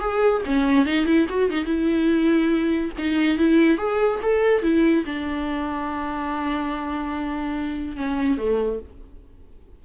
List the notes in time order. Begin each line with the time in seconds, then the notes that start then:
0.00 G#4
0.46 C#4
0.86 D#4
1.06 E4
1.29 F#4
1.50 D#4
1.65 E4
2.98 D#4
3.38 E4
3.77 G#4
4.22 A4
4.62 E4
5.06 D4
7.96 C#4
8.37 A3